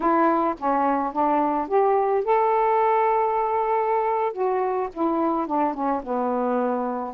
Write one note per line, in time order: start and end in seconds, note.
0.00 0.54 E4
0.58 1.12 C#4
1.12 1.68 D4
1.68 2.24 G4
2.24 4.32 A4
4.32 4.88 F#4
4.93 5.46 E4
5.46 5.73 D4
5.73 6.02 C#4
6.03 7.14 B3